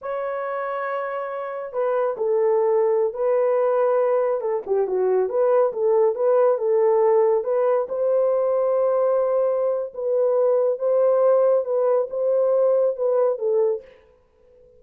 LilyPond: \new Staff \with { instrumentName = "horn" } { \time 4/4 \tempo 4 = 139 cis''1 | b'4 a'2~ a'16 b'8.~ | b'2~ b'16 a'8 g'8 fis'8.~ | fis'16 b'4 a'4 b'4 a'8.~ |
a'4~ a'16 b'4 c''4.~ c''16~ | c''2. b'4~ | b'4 c''2 b'4 | c''2 b'4 a'4 | }